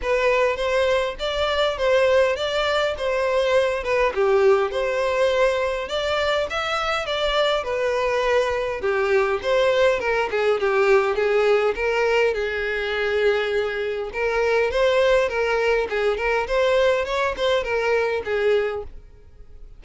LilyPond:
\new Staff \with { instrumentName = "violin" } { \time 4/4 \tempo 4 = 102 b'4 c''4 d''4 c''4 | d''4 c''4. b'8 g'4 | c''2 d''4 e''4 | d''4 b'2 g'4 |
c''4 ais'8 gis'8 g'4 gis'4 | ais'4 gis'2. | ais'4 c''4 ais'4 gis'8 ais'8 | c''4 cis''8 c''8 ais'4 gis'4 | }